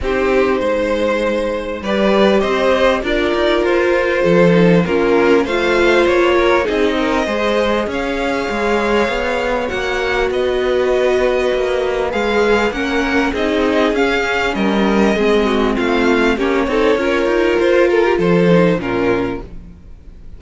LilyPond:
<<
  \new Staff \with { instrumentName = "violin" } { \time 4/4 \tempo 4 = 99 c''2. d''4 | dis''4 d''4 c''2 | ais'4 f''4 cis''4 dis''4~ | dis''4 f''2. |
fis''4 dis''2. | f''4 fis''4 dis''4 f''4 | dis''2 f''4 cis''4~ | cis''4 c''8 ais'8 c''4 ais'4 | }
  \new Staff \with { instrumentName = "violin" } { \time 4/4 g'4 c''2 b'4 | c''4 ais'2 a'4 | f'4 c''4. ais'8 gis'8 ais'8 | c''4 cis''2.~ |
cis''4 b'2.~ | b'4 ais'4 gis'2 | ais'4 gis'8 fis'8 f'4 g'8 a'8 | ais'4. a'16 g'16 a'4 f'4 | }
  \new Staff \with { instrumentName = "viola" } { \time 4/4 dis'2. g'4~ | g'4 f'2~ f'8 dis'8 | cis'4 f'2 dis'4 | gis'1 |
fis'1 | gis'4 cis'4 dis'4 cis'4~ | cis'4 c'2 cis'8 dis'8 | f'2~ f'8 dis'8 cis'4 | }
  \new Staff \with { instrumentName = "cello" } { \time 4/4 c'4 gis2 g4 | c'4 d'8 dis'8 f'4 f4 | ais4 a4 ais4 c'4 | gis4 cis'4 gis4 b4 |
ais4 b2 ais4 | gis4 ais4 c'4 cis'4 | g4 gis4 a4 ais8 c'8 | cis'8 dis'8 f'4 f4 ais,4 | }
>>